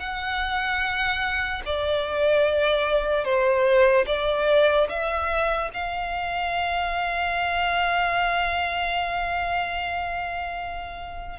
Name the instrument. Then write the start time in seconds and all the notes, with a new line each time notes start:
violin
0.00 F#5
1.66 D5
3.25 C5
4.07 D5
4.89 E5
5.74 F5